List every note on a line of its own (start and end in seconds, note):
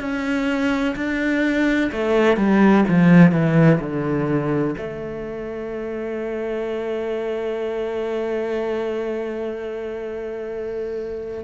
0.00 0.95 C#4
0.96 1.91 D4
1.92 2.37 A3
2.37 2.84 G3
2.89 3.32 F3
3.32 3.79 E3
3.80 4.75 D3
4.78 11.44 A3